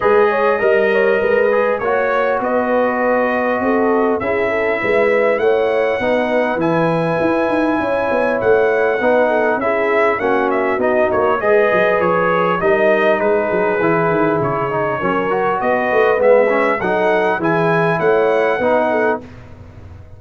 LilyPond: <<
  \new Staff \with { instrumentName = "trumpet" } { \time 4/4 \tempo 4 = 100 dis''2. cis''4 | dis''2. e''4~ | e''4 fis''2 gis''4~ | gis''2 fis''2 |
e''4 fis''8 e''8 dis''8 cis''8 dis''4 | cis''4 dis''4 b'2 | cis''2 dis''4 e''4 | fis''4 gis''4 fis''2 | }
  \new Staff \with { instrumentName = "horn" } { \time 4/4 b'8 cis''8 dis''8 cis''8 b'4 cis''4 | b'2 a'4 gis'8 a'8 | b'4 cis''4 b'2~ | b'4 cis''2 b'8 a'8 |
gis'4 fis'2 b'4~ | b'4 ais'4 gis'2~ | gis'4 ais'4 b'2 | a'4 gis'4 cis''4 b'8 a'8 | }
  \new Staff \with { instrumentName = "trombone" } { \time 4/4 gis'4 ais'4. gis'8 fis'4~ | fis'2. e'4~ | e'2 dis'4 e'4~ | e'2. dis'4 |
e'4 cis'4 dis'4 gis'4~ | gis'4 dis'2 e'4~ | e'8 dis'8 cis'8 fis'4. b8 cis'8 | dis'4 e'2 dis'4 | }
  \new Staff \with { instrumentName = "tuba" } { \time 4/4 gis4 g4 gis4 ais4 | b2 c'4 cis'4 | gis4 a4 b4 e4 | e'8 dis'8 cis'8 b8 a4 b4 |
cis'4 ais4 b8 ais8 gis8 fis8 | f4 g4 gis8 fis8 e8 dis8 | cis4 fis4 b8 a8 gis4 | fis4 e4 a4 b4 | }
>>